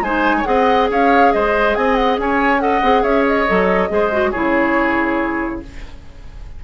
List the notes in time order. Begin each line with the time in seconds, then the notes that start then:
0.00 G#3 D#4 C5 G#5
0.37 C#5
0.44 C4 G#4 D#5 F#5
0.90 C#4 C#5 F5
1.32 G#3 C5 D#5
1.75 C4 D#5 G#5
1.95 F#5
2.18 C#4 C#5 G#5
2.60 A4 D#5 F#5
2.82 C4 G#4
3.03 C#4 C#5 E5
3.27 D#5
3.47 F#3 A4
3.89 G#3 G#4 C5
4.12 F#4
4.31 C#3 E4 G#4 C#5